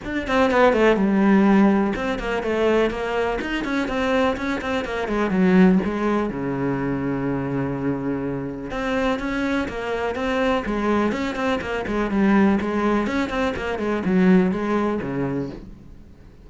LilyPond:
\new Staff \with { instrumentName = "cello" } { \time 4/4 \tempo 4 = 124 d'8 c'8 b8 a8 g2 | c'8 ais8 a4 ais4 dis'8 cis'8 | c'4 cis'8 c'8 ais8 gis8 fis4 | gis4 cis2.~ |
cis2 c'4 cis'4 | ais4 c'4 gis4 cis'8 c'8 | ais8 gis8 g4 gis4 cis'8 c'8 | ais8 gis8 fis4 gis4 cis4 | }